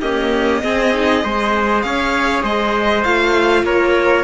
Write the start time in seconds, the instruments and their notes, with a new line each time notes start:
0.00 viola A#3, cello C#4, trumpet G4, violin D#5
0.62 viola C4, cello C4, trumpet G#4
0.93 viola D#4
1.23 cello G#3, viola G#4, trumpet C5
1.81 cello C#4, trumpet C#5, violin F5
2.42 cello G#3, trumpet C5, violin D#5
3.04 cello A3, viola F4, violin F5
3.63 cello A#3, trumpet A#4, violin C#5